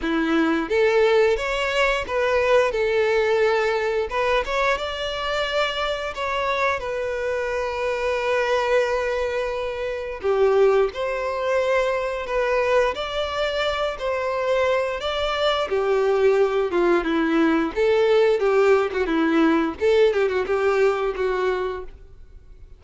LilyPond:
\new Staff \with { instrumentName = "violin" } { \time 4/4 \tempo 4 = 88 e'4 a'4 cis''4 b'4 | a'2 b'8 cis''8 d''4~ | d''4 cis''4 b'2~ | b'2. g'4 |
c''2 b'4 d''4~ | d''8 c''4. d''4 g'4~ | g'8 f'8 e'4 a'4 g'8. fis'16 | e'4 a'8 g'16 fis'16 g'4 fis'4 | }